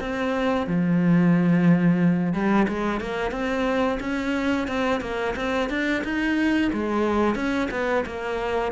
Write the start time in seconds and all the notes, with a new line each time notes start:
0.00 C4
0.67 F3
2.33 G3
2.68 G#3
3.00 A#3
3.31 C4
4.00 C#4
4.68 C4
5.01 A#3
5.36 C4
5.69 D4
6.04 D#4
6.73 G#3
7.35 C#4
7.70 B3
8.06 A#3